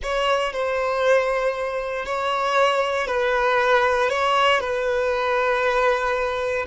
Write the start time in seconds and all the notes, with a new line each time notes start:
0.03 C#5
0.53 C5
2.05 C#5
3.07 B4
4.09 C#5
4.60 B4